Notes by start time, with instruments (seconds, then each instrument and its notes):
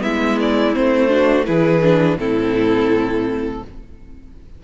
0.00 cello G#3, viola B3, violin E4 E5
0.40 violin D5
0.74 cello A3, viola C4, violin C5
1.09 viola D4, violin F#4
1.45 cello E3, viola E4, violin G#4 B4
1.83 viola D4
2.17 cello A2, viola C4, violin E4 A4